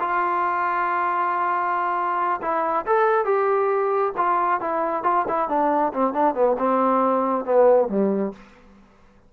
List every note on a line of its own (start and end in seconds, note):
0.00 2.41 F4
2.42 2.86 E4
2.86 3.25 A4
3.25 4.13 G4
4.17 4.61 F4
4.61 5.04 E4
5.04 5.26 F4
5.28 5.49 E4
5.49 5.93 D4
5.93 6.14 C4
6.14 6.35 D4
6.35 6.57 B3
6.59 7.45 C4
7.45 7.89 B3
7.89 8.33 G3